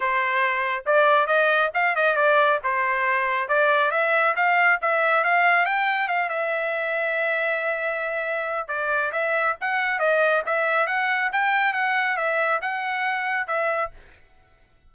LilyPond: \new Staff \with { instrumentName = "trumpet" } { \time 4/4 \tempo 4 = 138 c''2 d''4 dis''4 | f''8 dis''8 d''4 c''2 | d''4 e''4 f''4 e''4 | f''4 g''4 f''8 e''4.~ |
e''1 | d''4 e''4 fis''4 dis''4 | e''4 fis''4 g''4 fis''4 | e''4 fis''2 e''4 | }